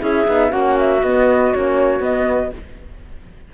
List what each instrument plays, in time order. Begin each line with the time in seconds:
0.00 cello C#4, horn E4, clarinet G#4, flute E5
0.26 cello B3, horn D#4
0.50 cello A#3, horn C#4, clarinet F#4, flute F#5
0.79 flute E5
1.03 cello B3, horn B3, flute D#5
1.53 cello A#3, horn C#4, flute C#5
2.00 cello B3, horn B3, flute D#5